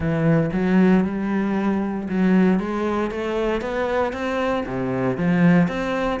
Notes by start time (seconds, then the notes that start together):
0.00 E3
0.52 F#3
1.04 G3
2.08 F#3
2.59 G#3
3.11 A3
3.61 B3
4.12 C4
4.66 C3
5.17 F3
5.68 C4